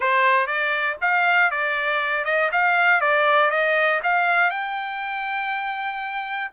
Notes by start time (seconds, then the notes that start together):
0.00 C5
0.46 D5
1.01 F5
1.50 D5
2.25 D#5
2.52 F5
3.00 D5
3.50 D#5
4.02 F5
4.50 G5